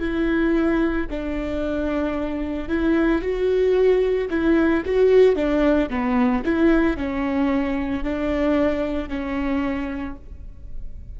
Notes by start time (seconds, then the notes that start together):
0.00 E4
1.11 D4
2.69 E4
3.22 F#4
4.30 E4
4.86 F#4
5.36 D4
5.90 B3
6.45 E4
6.97 C#4
8.04 D4
9.09 C#4